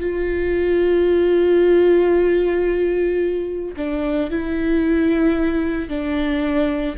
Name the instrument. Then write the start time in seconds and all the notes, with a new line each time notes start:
viola
0.00 F4
3.76 D4
4.30 E4
5.89 D4